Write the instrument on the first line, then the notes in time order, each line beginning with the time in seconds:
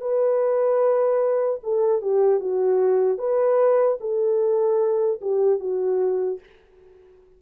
horn
0.00 B4
1.63 A4
2.01 G4
2.40 F#4
3.18 B4
4.00 A4
5.21 G4
5.59 F#4